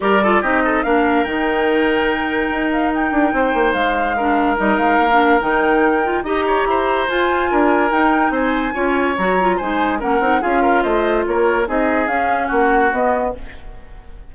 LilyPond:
<<
  \new Staff \with { instrumentName = "flute" } { \time 4/4 \tempo 4 = 144 d''4 dis''4 f''4 g''4~ | g''2~ g''8 f''8 g''4~ | g''4 f''2 dis''8 f''8~ | f''4 g''2 ais''4~ |
ais''4 gis''2 g''4 | gis''2 ais''4 gis''4 | fis''4 f''4 dis''4 cis''4 | dis''4 f''4 fis''4 dis''4 | }
  \new Staff \with { instrumentName = "oboe" } { \time 4/4 ais'8 a'8 g'8 a'8 ais'2~ | ais'1 | c''2 ais'2~ | ais'2. dis''8 cis''8 |
c''2 ais'2 | c''4 cis''2 c''4 | ais'4 gis'8 ais'8 c''4 ais'4 | gis'2 fis'2 | }
  \new Staff \with { instrumentName = "clarinet" } { \time 4/4 g'8 f'8 dis'4 d'4 dis'4~ | dis'1~ | dis'2 d'4 dis'4~ | dis'16 d'8. dis'4. f'8 g'4~ |
g'4 f'2 dis'4~ | dis'4 f'4 fis'8 f'8 dis'4 | cis'8 dis'8 f'2. | dis'4 cis'2 b4 | }
  \new Staff \with { instrumentName = "bassoon" } { \time 4/4 g4 c'4 ais4 dis4~ | dis2 dis'4. d'8 | c'8 ais8 gis2 g8 gis8 | ais4 dis2 dis'4 |
e'4 f'4 d'4 dis'4 | c'4 cis'4 fis4 gis4 | ais8 c'8 cis'4 a4 ais4 | c'4 cis'4 ais4 b4 | }
>>